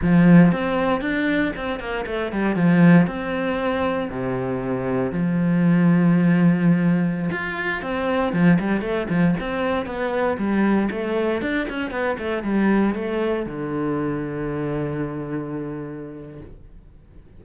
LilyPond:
\new Staff \with { instrumentName = "cello" } { \time 4/4 \tempo 4 = 117 f4 c'4 d'4 c'8 ais8 | a8 g8 f4 c'2 | c2 f2~ | f2~ f16 f'4 c'8.~ |
c'16 f8 g8 a8 f8 c'4 b8.~ | b16 g4 a4 d'8 cis'8 b8 a16~ | a16 g4 a4 d4.~ d16~ | d1 | }